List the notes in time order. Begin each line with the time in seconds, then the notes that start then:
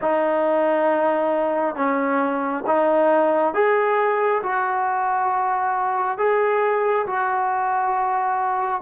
0.01 D#4
1.75 C#4
2.67 D#4
3.53 G#4
4.42 F#4
6.18 G#4
7.06 F#4